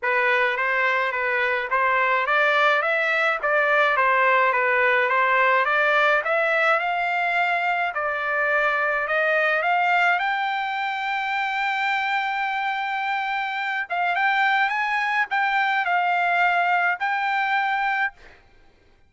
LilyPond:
\new Staff \with { instrumentName = "trumpet" } { \time 4/4 \tempo 4 = 106 b'4 c''4 b'4 c''4 | d''4 e''4 d''4 c''4 | b'4 c''4 d''4 e''4 | f''2 d''2 |
dis''4 f''4 g''2~ | g''1~ | g''8 f''8 g''4 gis''4 g''4 | f''2 g''2 | }